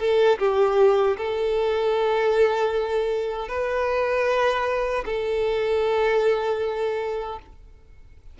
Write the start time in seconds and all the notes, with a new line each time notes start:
0.00 A4
0.39 G4
1.18 A4
3.49 B4
5.06 A4